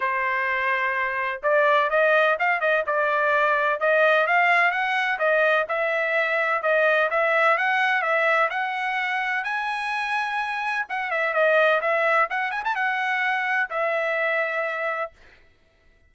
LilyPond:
\new Staff \with { instrumentName = "trumpet" } { \time 4/4 \tempo 4 = 127 c''2. d''4 | dis''4 f''8 dis''8 d''2 | dis''4 f''4 fis''4 dis''4 | e''2 dis''4 e''4 |
fis''4 e''4 fis''2 | gis''2. fis''8 e''8 | dis''4 e''4 fis''8 gis''16 a''16 fis''4~ | fis''4 e''2. | }